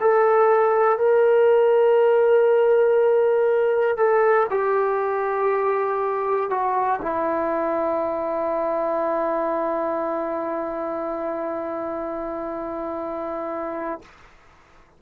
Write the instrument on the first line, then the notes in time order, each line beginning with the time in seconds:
trombone
0.00 A4
0.98 A#4
3.96 A4
4.50 G4
6.50 F#4
7.01 E4